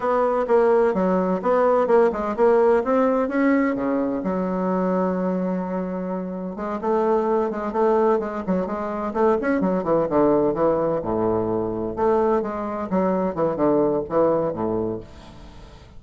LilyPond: \new Staff \with { instrumentName = "bassoon" } { \time 4/4 \tempo 4 = 128 b4 ais4 fis4 b4 | ais8 gis8 ais4 c'4 cis'4 | cis4 fis2.~ | fis2 gis8 a4. |
gis8 a4 gis8 fis8 gis4 a8 | cis'8 fis8 e8 d4 e4 a,8~ | a,4. a4 gis4 fis8~ | fis8 e8 d4 e4 a,4 | }